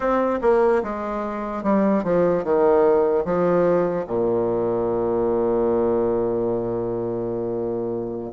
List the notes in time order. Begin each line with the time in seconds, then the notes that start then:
0.00 C4
0.41 A#3
0.83 G#3
1.63 G3
2.03 F3
2.43 D#3
3.24 F3
4.07 A#2